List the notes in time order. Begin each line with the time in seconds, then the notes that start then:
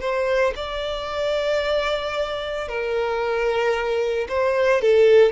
0.00 C5
0.56 D5
2.68 A#4
4.28 C5
4.81 A4